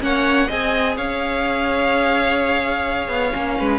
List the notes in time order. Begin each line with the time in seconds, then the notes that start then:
0.00 A#3 C#4 C#5 F#5
0.47 C4 G#4 D#5 G#5
0.96 C#4 C#5 F5
3.08 B3
3.32 A#3 C#4
3.58 G#3 B4